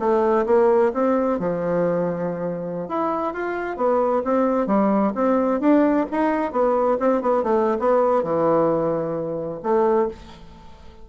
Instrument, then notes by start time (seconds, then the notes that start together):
bassoon
0.00 A3
0.46 A#3
0.94 C4
1.39 F3
2.89 E4
3.34 F4
3.77 B3
4.24 C4
4.67 G3
5.15 C4
5.60 D4
6.11 D#4
6.52 B3
7.00 C4
7.22 B3
7.43 A3
7.79 B3
8.23 E3
9.63 A3